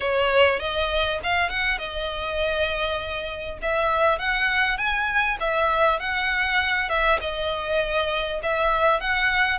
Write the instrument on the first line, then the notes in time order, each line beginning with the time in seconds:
violin
0.00 C#5
0.59 D#5
1.23 F5
1.49 F#5
1.78 D#5
3.62 E5
4.18 F#5
4.77 G#5
5.40 E5
5.99 F#5
6.89 E5
7.20 D#5
8.42 E5
9.00 F#5